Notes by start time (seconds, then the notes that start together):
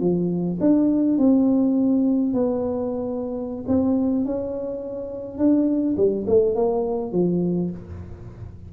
0.00 F3
0.60 D4
1.18 C4
2.34 B3
3.68 C4
4.25 C#4
5.38 D4
5.97 G3
6.27 A3
6.55 A#3
7.12 F3